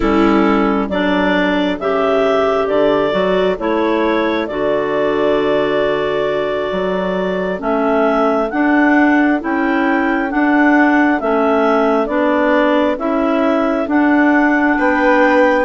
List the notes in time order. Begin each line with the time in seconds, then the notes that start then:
0.00 G3 C#4 E4 A4
0.89 F#3 D4 A4 D5
1.79 C#3 G4 E5
2.67 D3 D5
3.11 F#3 F#4
3.58 A3 E4 C#5
4.47 D3 F#4 D5
6.71 F#3
7.58 A3 C#4 E5
8.50 D4 F#5
9.40 C#4 E4 G5
10.29 D4 F#5
11.20 A3 C#4 E5
12.06 B3 D4 D5
12.97 C#4 E4 E5
13.87 D4 F#5
14.78 B3 B4 G5